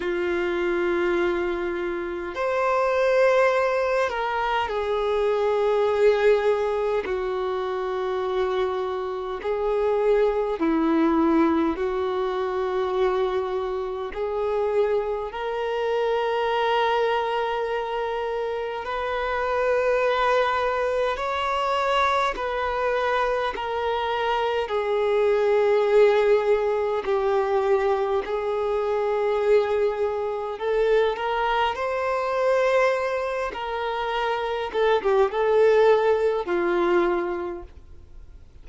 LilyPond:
\new Staff \with { instrumentName = "violin" } { \time 4/4 \tempo 4 = 51 f'2 c''4. ais'8 | gis'2 fis'2 | gis'4 e'4 fis'2 | gis'4 ais'2. |
b'2 cis''4 b'4 | ais'4 gis'2 g'4 | gis'2 a'8 ais'8 c''4~ | c''8 ais'4 a'16 g'16 a'4 f'4 | }